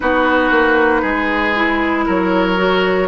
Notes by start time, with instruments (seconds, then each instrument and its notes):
0.00 bassoon B3, clarinet D#4, oboe F#4, flute B4
0.50 bassoon A#3
1.01 bassoon G#3, oboe G#4
1.55 clarinet E4
2.06 bassoon F#3, oboe A#4, flute C#5
2.56 clarinet F#4